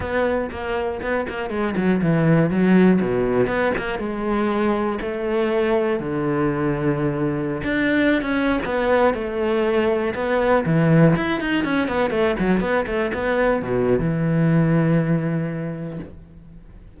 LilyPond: \new Staff \with { instrumentName = "cello" } { \time 4/4 \tempo 4 = 120 b4 ais4 b8 ais8 gis8 fis8 | e4 fis4 b,4 b8 ais8 | gis2 a2 | d2.~ d16 d'8.~ |
d'8 cis'8. b4 a4.~ a16~ | a16 b4 e4 e'8 dis'8 cis'8 b16~ | b16 a8 fis8 b8 a8 b4 b,8. | e1 | }